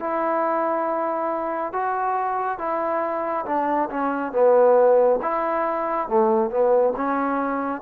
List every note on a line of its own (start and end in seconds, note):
0.00 1.73 E4
1.73 2.58 F#4
2.58 3.45 E4
3.46 3.90 D4
3.91 4.33 C#4
4.33 5.20 B3
5.22 6.08 E4
6.08 6.51 A3
6.51 6.94 B3
6.97 7.82 C#4